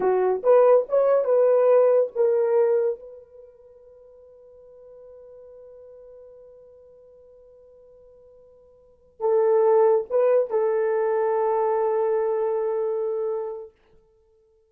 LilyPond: \new Staff \with { instrumentName = "horn" } { \time 4/4 \tempo 4 = 140 fis'4 b'4 cis''4 b'4~ | b'4 ais'2 b'4~ | b'1~ | b'1~ |
b'1~ | b'4. a'2 b'8~ | b'8 a'2.~ a'8~ | a'1 | }